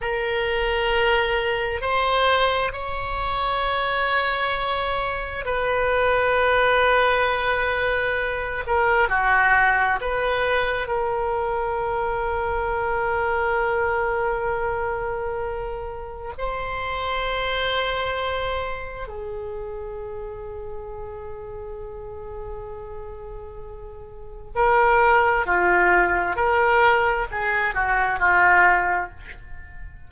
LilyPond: \new Staff \with { instrumentName = "oboe" } { \time 4/4 \tempo 4 = 66 ais'2 c''4 cis''4~ | cis''2 b'2~ | b'4. ais'8 fis'4 b'4 | ais'1~ |
ais'2 c''2~ | c''4 gis'2.~ | gis'2. ais'4 | f'4 ais'4 gis'8 fis'8 f'4 | }